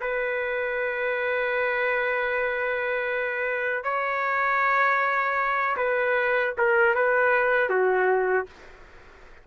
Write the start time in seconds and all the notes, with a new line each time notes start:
0.00 B4
3.84 C#5
5.76 B4
6.57 A#4
6.95 B4
7.69 F#4